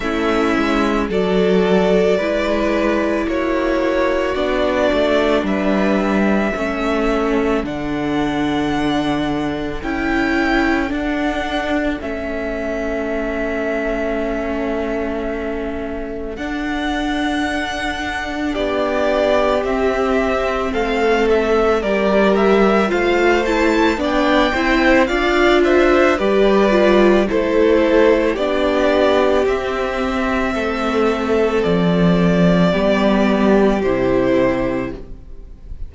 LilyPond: <<
  \new Staff \with { instrumentName = "violin" } { \time 4/4 \tempo 4 = 55 e''4 d''2 cis''4 | d''4 e''2 fis''4~ | fis''4 g''4 fis''4 e''4~ | e''2. fis''4~ |
fis''4 d''4 e''4 f''8 e''8 | d''8 e''8 f''8 a''8 g''4 f''8 e''8 | d''4 c''4 d''4 e''4~ | e''4 d''2 c''4 | }
  \new Staff \with { instrumentName = "violin" } { \time 4/4 e'4 a'4 b'4 fis'4~ | fis'4 b'4 a'2~ | a'1~ | a'1~ |
a'4 g'2 a'4 | ais'4 c''4 d''8 c''8 d''8 c''8 | b'4 a'4 g'2 | a'2 g'2 | }
  \new Staff \with { instrumentName = "viola" } { \time 4/4 cis'4 fis'4 e'2 | d'2 cis'4 d'4~ | d'4 e'4 d'4 cis'4~ | cis'2. d'4~ |
d'2 c'2 | g'4 f'8 e'8 d'8 e'8 f'4 | g'8 f'8 e'4 d'4 c'4~ | c'2 b4 e'4 | }
  \new Staff \with { instrumentName = "cello" } { \time 4/4 a8 gis8 fis4 gis4 ais4 | b8 a8 g4 a4 d4~ | d4 cis'4 d'4 a4~ | a2. d'4~ |
d'4 b4 c'4 a4 | g4 a4 b8 c'8 d'4 | g4 a4 b4 c'4 | a4 f4 g4 c4 | }
>>